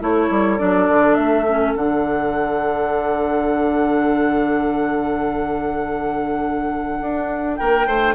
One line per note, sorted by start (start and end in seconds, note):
0.00 0.30 A3
0.00 0.58 E4
0.00 7.58 A4
0.00 0.58 C#5
0.30 0.59 G3
0.58 0.88 F#3
0.58 1.45 D4
0.58 1.14 D5
0.88 1.17 D3
1.14 1.75 A3
1.14 1.72 E5
1.48 1.76 C#4
1.75 7.00 D3
1.75 8.14 D4
1.75 7.56 F#5
7.01 7.59 D4
7.56 7.86 A#3
7.56 7.87 A#4
7.56 8.14 G5
7.86 8.14 A3
7.86 8.14 C5